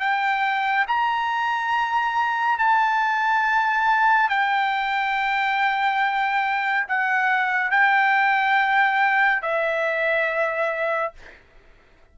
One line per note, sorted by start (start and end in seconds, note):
0.00 0.86 G5
0.88 2.58 A#5
2.58 4.29 A5
4.29 6.86 G5
6.88 7.71 F#5
7.71 9.42 G5
9.42 11.13 E5